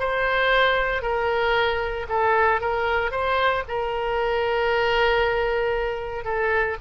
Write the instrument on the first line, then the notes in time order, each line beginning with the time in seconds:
oboe
0.00 C5
1.03 A#4
2.09 A4
2.61 A#4
3.12 C5
3.69 A#4
6.25 A4